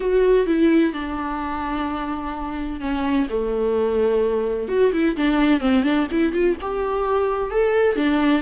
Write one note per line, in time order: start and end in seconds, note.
0.00 0.46 F#4
0.46 0.93 E4
0.93 2.80 D4
2.80 3.27 C#4
3.29 4.68 A3
4.68 4.92 F#4
4.92 5.16 E4
5.16 5.60 D4
5.60 5.83 C4
5.83 6.07 D4
6.11 6.32 E4
6.32 6.56 F4
6.61 7.50 G4
7.50 7.95 A4
7.95 8.42 D4